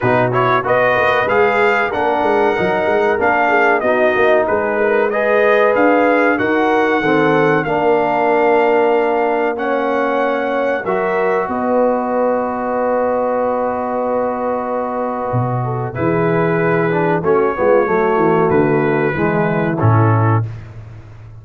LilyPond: <<
  \new Staff \with { instrumentName = "trumpet" } { \time 4/4 \tempo 4 = 94 b'8 cis''8 dis''4 f''4 fis''4~ | fis''4 f''4 dis''4 b'4 | dis''4 f''4 fis''2 | f''2. fis''4~ |
fis''4 e''4 dis''2~ | dis''1~ | dis''4 b'2 cis''4~ | cis''4 b'2 a'4 | }
  \new Staff \with { instrumentName = "horn" } { \time 4/4 fis'4 b'2 ais'4~ | ais'4. gis'8 fis'4 gis'8 ais'8 | b'2 ais'4 a'4 | ais'2. cis''4~ |
cis''4 ais'4 b'2~ | b'1~ | b'8 a'8 gis'2 fis'8 f'8 | fis'2 e'2 | }
  \new Staff \with { instrumentName = "trombone" } { \time 4/4 dis'8 e'8 fis'4 gis'4 d'4 | dis'4 d'4 dis'2 | gis'2 fis'4 c'4 | d'2. cis'4~ |
cis'4 fis'2.~ | fis'1~ | fis'4 e'4. d'8 cis'8 b8 | a2 gis4 cis'4 | }
  \new Staff \with { instrumentName = "tuba" } { \time 4/4 b,4 b8 ais8 gis4 ais8 gis8 | fis8 gis8 ais4 b8 ais8 gis4~ | gis4 d'4 dis'4 dis4 | ais1~ |
ais4 fis4 b2~ | b1 | b,4 e2 a8 gis8 | fis8 e8 d4 e4 a,4 | }
>>